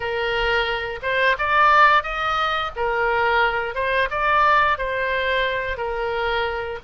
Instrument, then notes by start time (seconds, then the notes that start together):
oboe
0.00 A#4
1.02 C5
1.38 D5
2.03 D#5
2.76 A#4
3.74 C5
4.10 D5
4.77 C5
5.77 A#4